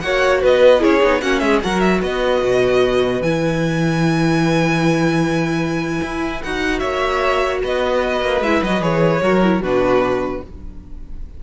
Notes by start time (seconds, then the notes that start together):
0.00 A#3 F#4 C#5 F#5
0.42 B3 B4 D#5
0.79 C#4 E4 G#4 C#5
1.03 B3 D#4
1.21 A#3 C#4 F#4 F#5
1.40 G#3 G#4 E5
1.62 F#3 F#4 A#4 F#5
1.80 E5
2.01 B3 B4 D#5
2.42 B2
3.21 E3 E4 G#5
6.02 E4
6.43 D#4 F#4 F#5
6.79 A#3 C#5 E5
7.63 B3 B4 D#5
8.22 A#3
8.41 G#3 E4 E5
8.62 F#3 F#4 D#5
8.81 E3 G#4 C#5
9.22 F#3 F#4 A#4
9.43 E4
9.61 B2 D4 F#4 B4